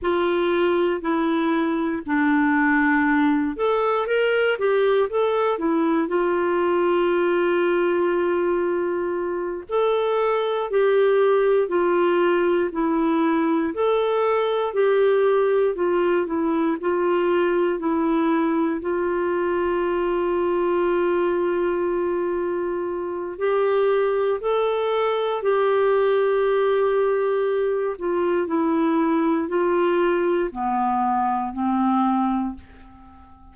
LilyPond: \new Staff \with { instrumentName = "clarinet" } { \time 4/4 \tempo 4 = 59 f'4 e'4 d'4. a'8 | ais'8 g'8 a'8 e'8 f'2~ | f'4. a'4 g'4 f'8~ | f'8 e'4 a'4 g'4 f'8 |
e'8 f'4 e'4 f'4.~ | f'2. g'4 | a'4 g'2~ g'8 f'8 | e'4 f'4 b4 c'4 | }